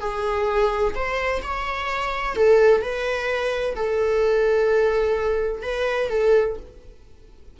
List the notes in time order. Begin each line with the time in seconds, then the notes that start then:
0.00 G#4
0.95 C5
1.42 C#5
2.36 A4
2.81 B4
3.75 A4
5.62 B4
6.09 A4